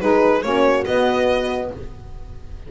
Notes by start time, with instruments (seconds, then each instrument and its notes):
0.00 double bass G#3, saxophone D#4, horn G#4, violin B4
0.42 double bass A#3, saxophone C#4, horn F#4, violin C#5
0.85 double bass B3, saxophone B3, violin D#5